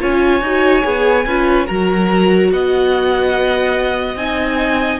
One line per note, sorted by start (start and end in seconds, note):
0.00 0.41 C#4
0.00 0.42 F4
0.00 1.26 C#5
0.00 1.68 G#5
0.41 0.83 D#4
0.41 0.83 F#4
0.83 1.26 B3
0.83 1.24 G#4
1.26 1.67 C#4
1.26 1.68 F4
1.26 1.67 B4
1.67 2.52 F#3
1.67 4.17 F#4
1.67 2.50 A#4
1.67 2.51 A#5
2.52 4.15 B3
2.52 5.00 D#5
2.52 4.17 F#5
4.15 4.98 C4
4.15 5.00 D#4
4.15 5.00 G#5